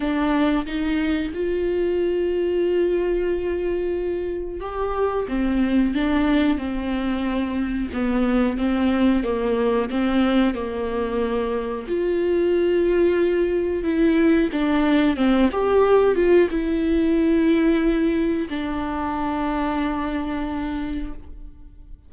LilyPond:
\new Staff \with { instrumentName = "viola" } { \time 4/4 \tempo 4 = 91 d'4 dis'4 f'2~ | f'2. g'4 | c'4 d'4 c'2 | b4 c'4 ais4 c'4 |
ais2 f'2~ | f'4 e'4 d'4 c'8 g'8~ | g'8 f'8 e'2. | d'1 | }